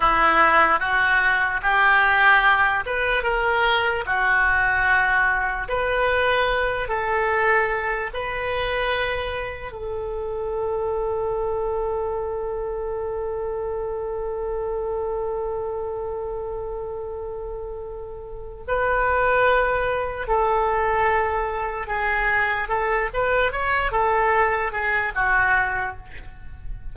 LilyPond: \new Staff \with { instrumentName = "oboe" } { \time 4/4 \tempo 4 = 74 e'4 fis'4 g'4. b'8 | ais'4 fis'2 b'4~ | b'8 a'4. b'2 | a'1~ |
a'1~ | a'2. b'4~ | b'4 a'2 gis'4 | a'8 b'8 cis''8 a'4 gis'8 fis'4 | }